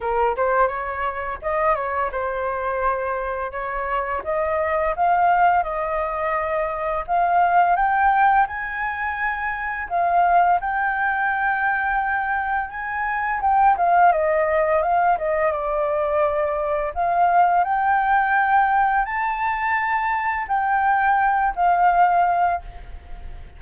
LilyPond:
\new Staff \with { instrumentName = "flute" } { \time 4/4 \tempo 4 = 85 ais'8 c''8 cis''4 dis''8 cis''8 c''4~ | c''4 cis''4 dis''4 f''4 | dis''2 f''4 g''4 | gis''2 f''4 g''4~ |
g''2 gis''4 g''8 f''8 | dis''4 f''8 dis''8 d''2 | f''4 g''2 a''4~ | a''4 g''4. f''4. | }